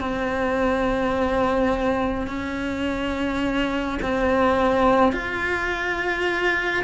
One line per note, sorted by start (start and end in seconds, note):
0.00 2.27 C4
2.27 3.98 C#4
4.02 5.12 C4
5.12 6.84 F4